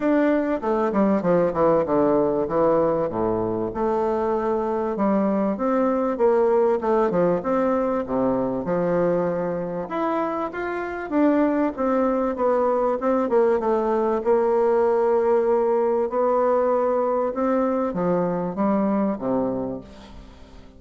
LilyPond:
\new Staff \with { instrumentName = "bassoon" } { \time 4/4 \tempo 4 = 97 d'4 a8 g8 f8 e8 d4 | e4 a,4 a2 | g4 c'4 ais4 a8 f8 | c'4 c4 f2 |
e'4 f'4 d'4 c'4 | b4 c'8 ais8 a4 ais4~ | ais2 b2 | c'4 f4 g4 c4 | }